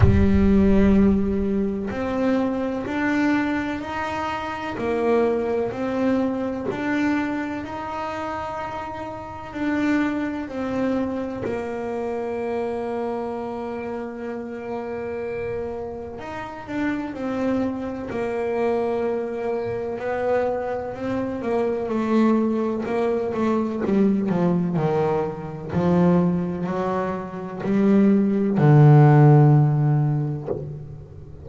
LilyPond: \new Staff \with { instrumentName = "double bass" } { \time 4/4 \tempo 4 = 63 g2 c'4 d'4 | dis'4 ais4 c'4 d'4 | dis'2 d'4 c'4 | ais1~ |
ais4 dis'8 d'8 c'4 ais4~ | ais4 b4 c'8 ais8 a4 | ais8 a8 g8 f8 dis4 f4 | fis4 g4 d2 | }